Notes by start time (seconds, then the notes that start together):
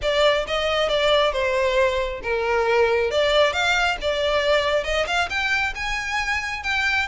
0.01 D5
0.47 D#5
0.88 D5
1.32 C5
2.23 A#4
3.11 D5
3.52 F5
4.01 D5
4.83 D#5
5.06 F5
5.29 G5
5.75 G#5
6.63 G5